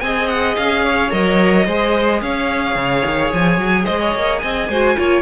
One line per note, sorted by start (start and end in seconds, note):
0.00 0.57 C4
0.00 1.11 G#4
0.00 0.85 D#5
0.00 0.28 G#5
0.28 0.56 F#5
0.56 1.12 C#4
0.56 1.11 F5
0.85 1.66 C#5
1.11 1.67 F#3
1.11 1.66 A#4
1.11 2.22 D#5
1.66 2.22 G#3
1.66 4.72 G#4
1.66 2.21 C5
2.22 2.75 C#4
2.22 3.85 C#5
2.22 3.32 F5
2.75 3.03 C#3
3.05 3.33 D#3
3.34 3.58 F3
3.34 3.85 G#5
3.58 3.86 F#3
3.85 4.15 G#3
3.85 3.99 C5
3.85 4.39 D#5
4.00 4.42 C#5
4.15 4.43 A#3
4.39 4.69 C4
4.39 4.69 D#5
4.39 5.22 G#5
4.69 4.96 G#3
4.69 4.97 F#4
4.69 4.97 C5
4.97 5.22 A#3
4.97 5.22 F4
4.97 5.22 C#5